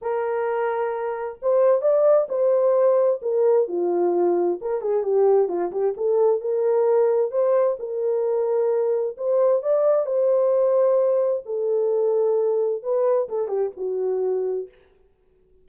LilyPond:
\new Staff \with { instrumentName = "horn" } { \time 4/4 \tempo 4 = 131 ais'2. c''4 | d''4 c''2 ais'4 | f'2 ais'8 gis'8 g'4 | f'8 g'8 a'4 ais'2 |
c''4 ais'2. | c''4 d''4 c''2~ | c''4 a'2. | b'4 a'8 g'8 fis'2 | }